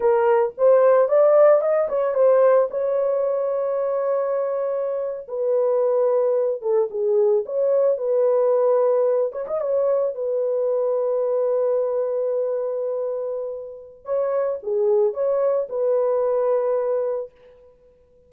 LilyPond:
\new Staff \with { instrumentName = "horn" } { \time 4/4 \tempo 4 = 111 ais'4 c''4 d''4 dis''8 cis''8 | c''4 cis''2.~ | cis''4.~ cis''16 b'2~ b'16~ | b'16 a'8 gis'4 cis''4 b'4~ b'16~ |
b'4~ b'16 cis''16 dis''16 cis''4 b'4~ b'16~ | b'1~ | b'2 cis''4 gis'4 | cis''4 b'2. | }